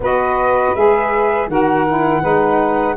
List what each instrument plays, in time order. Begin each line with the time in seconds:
0.00 tuba B3, saxophone F#4 B4, flute D#5
0.75 tuba G#3, saxophone G#4, flute E5
1.47 tuba D#3, saxophone F#4 A#4, flute F#5
1.87 saxophone E4
2.21 tuba G#3, saxophone D#4 B4